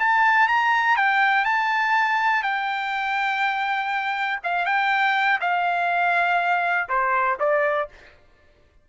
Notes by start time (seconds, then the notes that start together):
0.00 A5
0.49 A#5
0.97 G5
1.45 A5
2.43 G5
4.44 F5
4.66 G5
5.41 F5
6.89 C5
7.40 D5